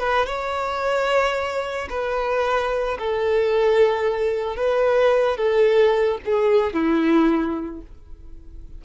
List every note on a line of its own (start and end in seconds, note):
0.00 0.27 B4
0.27 1.89 C#5
1.90 2.98 B4
2.99 4.57 A4
4.57 5.37 B4
5.37 6.18 A4
6.26 6.74 G#4
6.74 7.82 E4